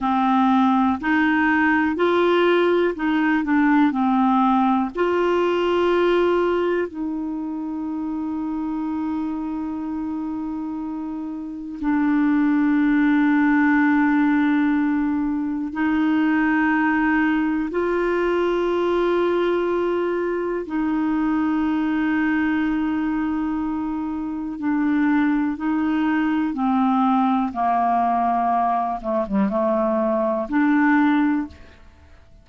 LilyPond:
\new Staff \with { instrumentName = "clarinet" } { \time 4/4 \tempo 4 = 61 c'4 dis'4 f'4 dis'8 d'8 | c'4 f'2 dis'4~ | dis'1 | d'1 |
dis'2 f'2~ | f'4 dis'2.~ | dis'4 d'4 dis'4 c'4 | ais4. a16 g16 a4 d'4 | }